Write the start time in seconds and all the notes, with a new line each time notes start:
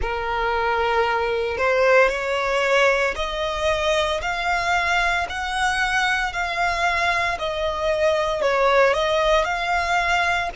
0.01 A#4
1.57 C5
2.09 C#5
3.15 D#5
4.21 F5
5.29 F#5
6.33 F5
7.38 D#5
8.41 C#5
8.93 D#5
9.44 F5